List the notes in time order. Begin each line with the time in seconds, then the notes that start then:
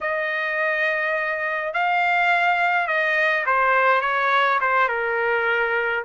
0.00 D#5
1.73 F5
2.87 D#5
3.46 C5
4.01 C#5
4.60 C5
4.88 A#4